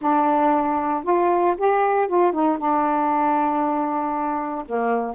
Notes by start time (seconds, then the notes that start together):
0.01 D4
1.03 F4
1.57 G4
2.07 F4
2.32 D#4
2.58 D4
4.66 A#3